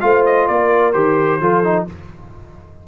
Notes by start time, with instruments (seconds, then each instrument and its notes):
0.00 tuba A3, trombone F4, horn C5, trumpet F5
0.25 trumpet D#5
0.47 tuba A#3, horn A#4, trumpet D5
0.92 tuba D#3, trombone G4, trumpet C5
1.40 tuba F3, trombone F4, horn A4
1.64 trombone D#4